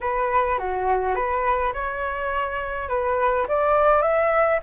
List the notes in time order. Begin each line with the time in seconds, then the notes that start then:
0.00 B4
0.58 F#4
1.15 B4
1.73 C#5
2.88 B4
3.47 D5
4.01 E5